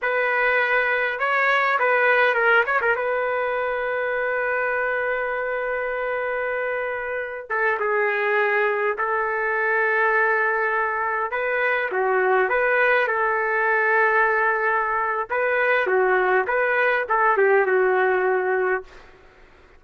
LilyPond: \new Staff \with { instrumentName = "trumpet" } { \time 4/4 \tempo 4 = 102 b'2 cis''4 b'4 | ais'8 cis''16 ais'16 b'2.~ | b'1~ | b'8. a'8 gis'2 a'8.~ |
a'2.~ a'16 b'8.~ | b'16 fis'4 b'4 a'4.~ a'16~ | a'2 b'4 fis'4 | b'4 a'8 g'8 fis'2 | }